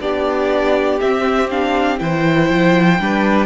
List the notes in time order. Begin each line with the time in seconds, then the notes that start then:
0.00 B3 D4 G4 D5
1.00 C4 E5
1.50 D4 F5
1.98 E3 E4 C5 G5
2.49 F3
2.99 G3 D4 B4